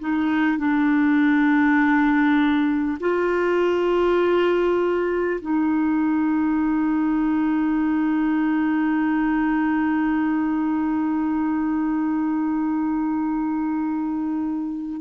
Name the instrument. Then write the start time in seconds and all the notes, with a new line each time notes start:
clarinet
0.00 D#4
0.58 D4
3.00 F4
5.41 D#4